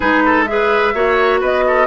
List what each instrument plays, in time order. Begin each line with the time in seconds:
0.00 bassoon G#3, clarinet D#4, oboe G#4, flute B4
0.25 oboe A4
0.45 clarinet G#4, flute E5
0.52 oboe B4
0.94 bassoon A#3, clarinet F#4, oboe C#5
1.40 bassoon B3, oboe B4, flute D#5
1.66 oboe A4